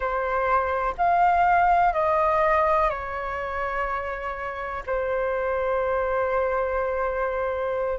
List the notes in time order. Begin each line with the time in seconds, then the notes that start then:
0.00 C5
0.97 F5
1.93 D#5
2.89 C#5
4.86 C5